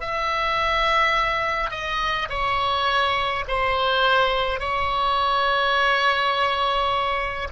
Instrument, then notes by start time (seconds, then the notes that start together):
oboe
0.00 E5
1.70 D#5
2.29 C#5
3.47 C5
4.59 C#5